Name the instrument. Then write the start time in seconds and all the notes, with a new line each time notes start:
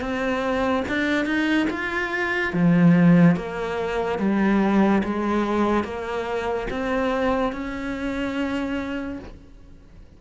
cello
0.00 C4
0.88 D4
1.25 D#4
1.70 F4
2.53 F3
3.36 A#3
4.19 G3
5.03 G#3
5.84 A#3
6.70 C4
7.52 C#4